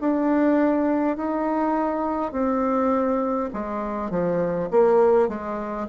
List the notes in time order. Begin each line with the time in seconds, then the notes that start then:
0.00 D4
1.17 D#4
2.32 C4
3.53 G#3
4.10 F3
4.71 A#3
5.28 G#3